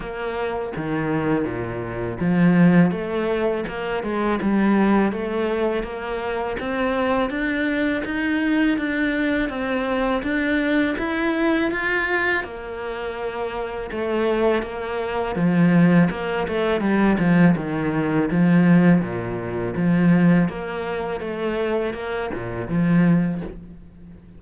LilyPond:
\new Staff \with { instrumentName = "cello" } { \time 4/4 \tempo 4 = 82 ais4 dis4 ais,4 f4 | a4 ais8 gis8 g4 a4 | ais4 c'4 d'4 dis'4 | d'4 c'4 d'4 e'4 |
f'4 ais2 a4 | ais4 f4 ais8 a8 g8 f8 | dis4 f4 ais,4 f4 | ais4 a4 ais8 ais,8 f4 | }